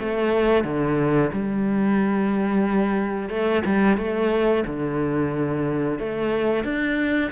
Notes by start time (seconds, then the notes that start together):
0.00 A3
0.65 D3
1.33 G3
3.30 A3
3.66 G3
3.98 A3
4.67 D3
6.00 A3
6.65 D4